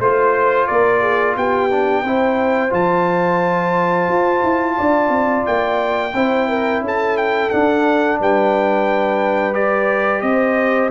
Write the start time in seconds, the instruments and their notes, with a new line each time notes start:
0.00 tuba A3, trombone F4, horn C5, trumpet C5
0.67 tuba A#3, horn A#4, trumpet D5
1.02 horn G#4
1.37 tuba B3, horn G4, trumpet G5
1.71 trombone D4
2.04 tuba C4, trombone E4, horn C5
2.70 tuba F3, trombone F4, trumpet A5
4.09 tuba F4
4.43 tuba E4
4.77 tuba D4, horn D5
5.10 tuba C4
5.47 tuba A#3, trumpet G5
6.14 tuba C4, trombone E4, horn C5
6.49 horn A#4
6.81 tuba C#4, horn A4
6.88 trumpet A5
7.18 trumpet G5
7.50 trombone D4, tuba D4, trumpet F#5
8.20 tuba G3, horn B4, trumpet G5
9.54 trombone G4, trumpet D5
10.22 tuba C4, horn C5, trumpet D#5